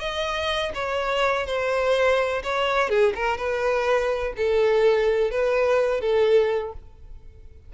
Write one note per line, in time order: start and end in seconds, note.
0.00 0.72 D#5
0.74 1.46 C#5
1.46 2.42 C5
2.43 2.89 C#5
2.89 3.13 G#4
3.15 3.37 A#4
3.37 4.33 B4
4.37 5.31 A4
5.31 6.01 B4
6.01 6.73 A4